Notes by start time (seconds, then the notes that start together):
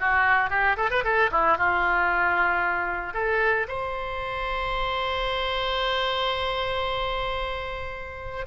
0.00 F#4
0.50 G4
0.77 A4
0.91 B4
1.04 A4
1.32 E4
1.58 F4
3.14 A4
3.68 C5